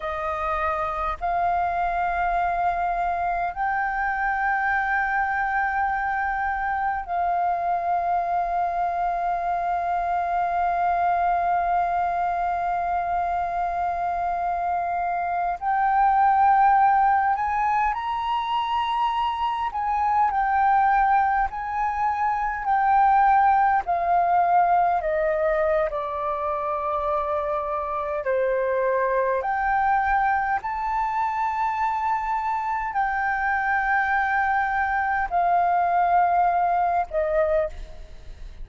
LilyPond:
\new Staff \with { instrumentName = "flute" } { \time 4/4 \tempo 4 = 51 dis''4 f''2 g''4~ | g''2 f''2~ | f''1~ | f''4~ f''16 g''4. gis''8 ais''8.~ |
ais''8. gis''8 g''4 gis''4 g''8.~ | g''16 f''4 dis''8. d''2 | c''4 g''4 a''2 | g''2 f''4. dis''8 | }